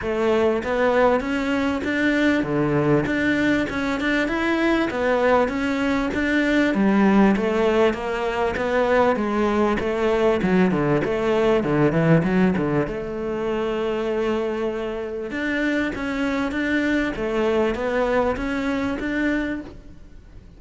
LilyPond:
\new Staff \with { instrumentName = "cello" } { \time 4/4 \tempo 4 = 98 a4 b4 cis'4 d'4 | d4 d'4 cis'8 d'8 e'4 | b4 cis'4 d'4 g4 | a4 ais4 b4 gis4 |
a4 fis8 d8 a4 d8 e8 | fis8 d8 a2.~ | a4 d'4 cis'4 d'4 | a4 b4 cis'4 d'4 | }